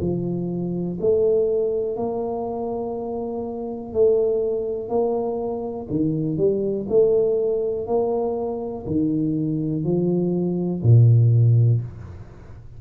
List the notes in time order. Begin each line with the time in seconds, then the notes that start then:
0.00 F3
1.00 A3
1.96 A#3
3.93 A3
4.89 A#3
5.90 D#3
6.37 G3
6.89 A3
7.87 A#3
8.86 D#3
9.84 F3
10.83 A#2